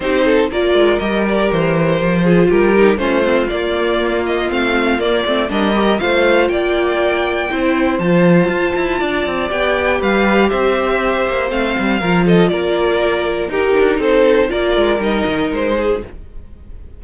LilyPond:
<<
  \new Staff \with { instrumentName = "violin" } { \time 4/4 \tempo 4 = 120 c''4 d''4 dis''8 d''8 c''4~ | c''4 ais'4 c''4 d''4~ | d''8 dis''8 f''4 d''4 dis''4 | f''4 g''2. |
a''2. g''4 | f''4 e''2 f''4~ | f''8 dis''8 d''2 ais'4 | c''4 d''4 dis''4 c''4 | }
  \new Staff \with { instrumentName = "violin" } { \time 4/4 g'8 a'8 ais'2.~ | ais'8 gis'8 g'4 f'2~ | f'2. ais'4 | c''4 d''2 c''4~ |
c''2 d''2 | b'4 c''2. | ais'8 a'8 ais'2 g'4 | a'4 ais'2~ ais'8 gis'8 | }
  \new Staff \with { instrumentName = "viola" } { \time 4/4 dis'4 f'4 g'2~ | g'8 f'4 dis'8 cis'8 c'8 ais4~ | ais4 c'4 ais8 c'8 d'8 g'8 | f'2. e'4 |
f'2. g'4~ | g'2. c'4 | f'2. dis'4~ | dis'4 f'4 dis'2 | }
  \new Staff \with { instrumentName = "cello" } { \time 4/4 c'4 ais8 gis8 g4 e4 | f4 g4 a4 ais4~ | ais4 a4 ais8 a8 g4 | a4 ais2 c'4 |
f4 f'8 e'8 d'8 c'8 b4 | g4 c'4. ais8 a8 g8 | f4 ais2 dis'8 d'8 | c'4 ais8 gis8 g8 dis8 gis4 | }
>>